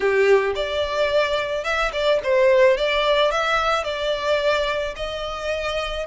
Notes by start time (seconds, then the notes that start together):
0.00 G4
0.55 D5
1.64 E5
1.92 D5
2.23 C5
2.77 D5
3.31 E5
3.84 D5
4.96 D#5